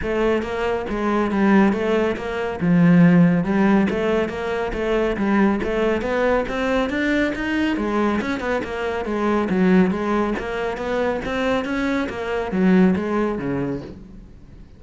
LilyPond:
\new Staff \with { instrumentName = "cello" } { \time 4/4 \tempo 4 = 139 a4 ais4 gis4 g4 | a4 ais4 f2 | g4 a4 ais4 a4 | g4 a4 b4 c'4 |
d'4 dis'4 gis4 cis'8 b8 | ais4 gis4 fis4 gis4 | ais4 b4 c'4 cis'4 | ais4 fis4 gis4 cis4 | }